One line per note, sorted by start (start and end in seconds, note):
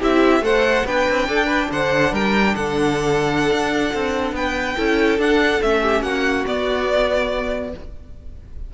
0.00 0.41 C4
0.00 0.42 E4
0.00 0.42 G4
0.00 0.45 E5
0.41 0.83 A3
0.41 0.85 A4
0.41 0.86 C5
0.41 0.87 F#5
0.86 1.07 B3
0.86 4.76 D4
0.86 1.28 B4
0.86 1.71 G5
1.10 1.27 C4
1.27 1.70 D4
1.27 1.46 A4
1.46 1.67 B4
1.71 2.12 D3
1.71 2.12 C5
1.71 2.14 F#5
2.12 2.54 G3
2.12 2.55 A#4
2.12 2.55 G5
2.55 3.51 D3
2.55 4.35 A4
2.55 4.35 F#5
3.51 3.93 D4
3.94 4.32 C4
4.32 4.75 B3
4.32 4.76 B4
4.32 5.20 G5
4.76 5.19 C#4
4.76 5.19 E4
4.76 5.82 A4
5.19 5.61 D4
5.19 5.62 F#5
5.62 6.02 A3
5.62 6.46 C#4
5.62 6.03 E5
5.82 6.02 G4
6.02 6.44 A#3
6.02 7.71 F#4
6.02 6.45 F#5
6.46 7.73 B3
6.46 7.74 B3
6.46 7.74 D5